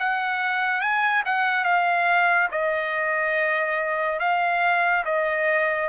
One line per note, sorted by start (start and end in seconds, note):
0.00 0.81 F#5
0.81 1.24 G#5
1.26 1.65 F#5
1.65 2.49 F5
2.52 4.20 D#5
4.20 5.05 F5
5.06 5.90 D#5